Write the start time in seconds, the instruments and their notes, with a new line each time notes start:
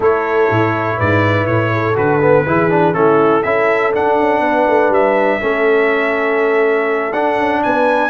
0.00 tuba A3, trombone E4, horn A4, trumpet C#5
0.50 tuba A2
0.97 tuba G#2, horn B4, trumpet D5
1.46 tuba A2, trumpet C#5
1.73 horn A4
1.94 tuba D3, trombone F#4, trumpet B4
2.21 trombone B3
2.45 tuba E3, trombone E4, horn G#4
2.70 trombone D4
2.93 tuba A3, trombone C#4, horn E4, trumpet A4
3.43 tuba C#4, trombone E4, horn A4, trumpet E5
3.93 trombone D4, tuba D4, trumpet F#5
4.19 tuba C#4
4.40 tuba B3, horn B4
4.67 tuba A3
4.89 tuba G3, trumpet E5
5.40 tuba A3, trombone C#4, horn A4
7.12 tuba D4, trombone D4, trumpet F#5
7.38 tuba C#4
7.62 tuba B3, horn B4, trumpet G#5